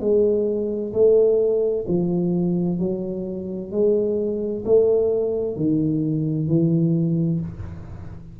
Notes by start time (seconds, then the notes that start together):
0.00 G#3
0.93 A3
1.88 F3
2.79 F#3
3.71 G#3
4.64 A3
5.56 D#3
6.47 E3